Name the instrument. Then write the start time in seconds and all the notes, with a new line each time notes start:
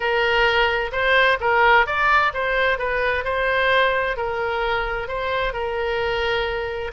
oboe
0.00 A#4
0.91 C5
1.40 A#4
1.86 D5
2.33 C5
2.78 B4
3.24 C5
4.16 A#4
5.08 C5
5.53 A#4